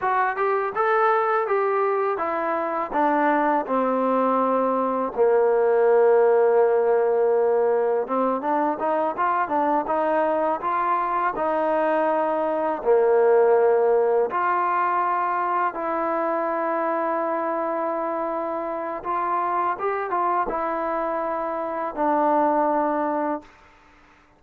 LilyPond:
\new Staff \with { instrumentName = "trombone" } { \time 4/4 \tempo 4 = 82 fis'8 g'8 a'4 g'4 e'4 | d'4 c'2 ais4~ | ais2. c'8 d'8 | dis'8 f'8 d'8 dis'4 f'4 dis'8~ |
dis'4. ais2 f'8~ | f'4. e'2~ e'8~ | e'2 f'4 g'8 f'8 | e'2 d'2 | }